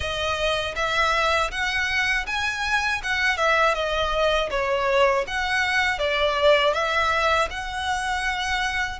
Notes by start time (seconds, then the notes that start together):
0.00 D#5
0.75 E5
1.51 F#5
2.26 G#5
3.03 F#5
3.37 E5
3.74 D#5
4.50 C#5
5.27 F#5
5.98 D5
6.73 E5
7.50 F#5